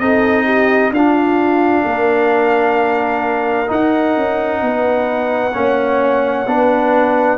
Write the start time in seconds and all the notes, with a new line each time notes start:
0.00 C4 D#4 A4 D#5
0.45 G4
0.91 D4 F4 F5
0.97 D4
1.85 A#3 A#4
3.67 D#4 F#5
4.17 C#4
4.62 B3 B4
5.54 A#3 C#4 C#5
6.47 B3 D4 B4